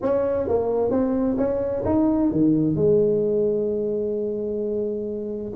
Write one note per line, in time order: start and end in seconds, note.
0.02 0.48 C#4
0.48 0.90 A#3
0.90 1.37 C4
1.37 1.83 C#4
1.85 2.31 D#4
2.31 2.75 D#3
2.75 5.52 G#3